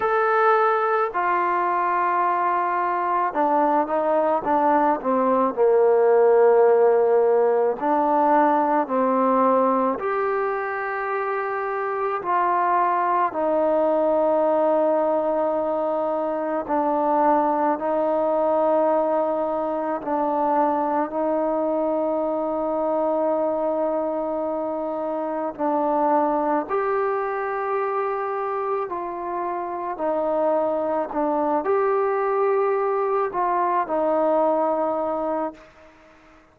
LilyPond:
\new Staff \with { instrumentName = "trombone" } { \time 4/4 \tempo 4 = 54 a'4 f'2 d'8 dis'8 | d'8 c'8 ais2 d'4 | c'4 g'2 f'4 | dis'2. d'4 |
dis'2 d'4 dis'4~ | dis'2. d'4 | g'2 f'4 dis'4 | d'8 g'4. f'8 dis'4. | }